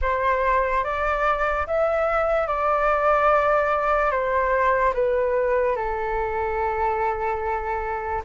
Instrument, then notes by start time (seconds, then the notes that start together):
flute
0.01 C5
0.84 D5
1.66 E5
2.47 D5
4.11 C5
4.94 B4
5.75 A4